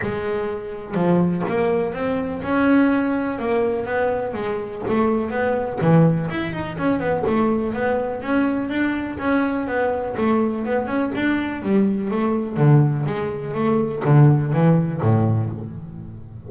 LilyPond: \new Staff \with { instrumentName = "double bass" } { \time 4/4 \tempo 4 = 124 gis2 f4 ais4 | c'4 cis'2 ais4 | b4 gis4 a4 b4 | e4 e'8 dis'8 cis'8 b8 a4 |
b4 cis'4 d'4 cis'4 | b4 a4 b8 cis'8 d'4 | g4 a4 d4 gis4 | a4 d4 e4 a,4 | }